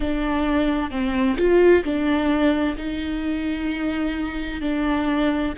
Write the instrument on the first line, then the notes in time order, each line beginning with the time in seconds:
viola
0.00 D4
0.90 C4
1.37 F4
1.83 D4
2.77 D#4
4.61 D4